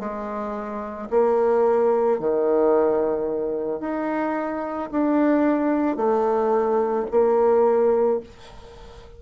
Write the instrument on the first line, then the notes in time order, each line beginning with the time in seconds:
bassoon
0.00 G#3
1.11 A#3
2.20 D#3
3.80 D#4
4.91 D4
5.97 A3
7.12 A#3